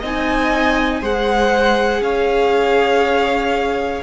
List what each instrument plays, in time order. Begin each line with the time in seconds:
0.00 cello C4, viola D#4, violin D#5 G#5
1.01 cello G#3, viola G#4, violin C5 F#5
2.01 cello C#4, violin C#5 F5